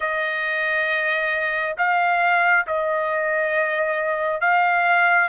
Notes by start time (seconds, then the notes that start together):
0.00 D#5
1.77 F5
2.66 D#5
4.40 F5